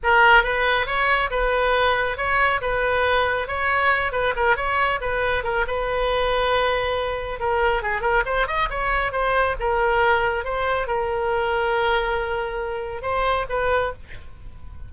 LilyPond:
\new Staff \with { instrumentName = "oboe" } { \time 4/4 \tempo 4 = 138 ais'4 b'4 cis''4 b'4~ | b'4 cis''4 b'2 | cis''4. b'8 ais'8 cis''4 b'8~ | b'8 ais'8 b'2.~ |
b'4 ais'4 gis'8 ais'8 c''8 dis''8 | cis''4 c''4 ais'2 | c''4 ais'2.~ | ais'2 c''4 b'4 | }